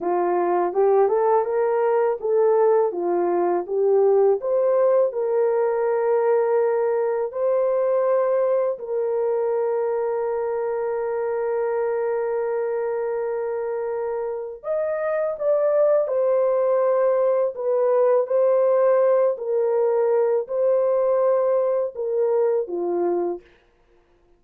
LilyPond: \new Staff \with { instrumentName = "horn" } { \time 4/4 \tempo 4 = 82 f'4 g'8 a'8 ais'4 a'4 | f'4 g'4 c''4 ais'4~ | ais'2 c''2 | ais'1~ |
ais'1 | dis''4 d''4 c''2 | b'4 c''4. ais'4. | c''2 ais'4 f'4 | }